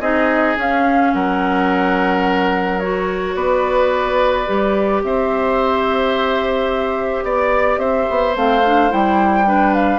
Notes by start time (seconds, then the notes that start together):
0.00 C4 D#4 G#4 D#5
0.57 C#4 F5
1.14 F#3 A#4 F#5
2.79 F#4 C#5
3.35 B3 B4 D5
4.45 G3 G4
5.03 C4 C5 E5
7.23 B3 D5
7.78 C4 C5 E5
8.10 B3
8.34 A3 C4 F5
8.66 D4
8.89 G3 E4 G5
9.45 D4 B4
9.74 F5